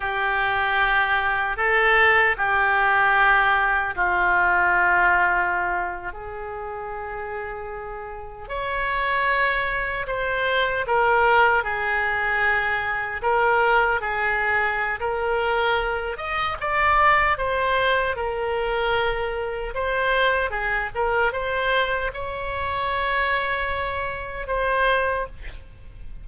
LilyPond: \new Staff \with { instrumentName = "oboe" } { \time 4/4 \tempo 4 = 76 g'2 a'4 g'4~ | g'4 f'2~ f'8. gis'16~ | gis'2~ gis'8. cis''4~ cis''16~ | cis''8. c''4 ais'4 gis'4~ gis'16~ |
gis'8. ais'4 gis'4~ gis'16 ais'4~ | ais'8 dis''8 d''4 c''4 ais'4~ | ais'4 c''4 gis'8 ais'8 c''4 | cis''2. c''4 | }